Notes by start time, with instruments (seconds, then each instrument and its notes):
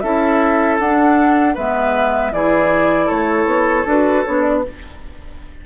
0.00 bassoon C#4, clarinet E4, oboe A4, flute E5
0.79 bassoon D4, clarinet D4, flute F#5
1.54 bassoon G#3, clarinet B3, oboe B4, flute E5
2.32 bassoon E3, clarinet E4, oboe G#4, flute D5
3.06 bassoon A3, oboe A4, flute C#5
3.45 bassoon B3
3.85 bassoon D4, clarinet F#4, flute B4
4.25 bassoon B3, clarinet D4, flute C#5
4.42 flute D5